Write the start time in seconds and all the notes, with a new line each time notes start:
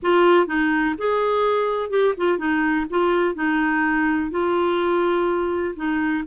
0.02 F4
0.47 D#4
0.97 G#4
1.89 G4
2.17 F4
2.37 D#4
2.90 F4
3.34 D#4
4.30 F4
5.76 D#4